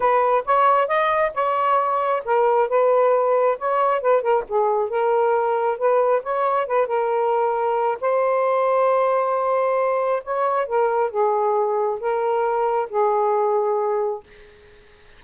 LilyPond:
\new Staff \with { instrumentName = "saxophone" } { \time 4/4 \tempo 4 = 135 b'4 cis''4 dis''4 cis''4~ | cis''4 ais'4 b'2 | cis''4 b'8 ais'8 gis'4 ais'4~ | ais'4 b'4 cis''4 b'8 ais'8~ |
ais'2 c''2~ | c''2. cis''4 | ais'4 gis'2 ais'4~ | ais'4 gis'2. | }